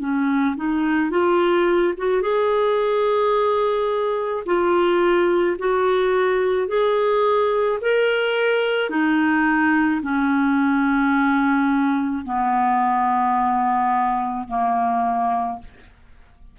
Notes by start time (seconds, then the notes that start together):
0.00 C#4
0.57 D#4
1.11 F4
1.97 F#4
2.22 G#4
4.46 F4
5.59 F#4
6.68 G#4
7.81 A#4
8.90 D#4
10.03 C#4
12.25 B3
14.48 A#3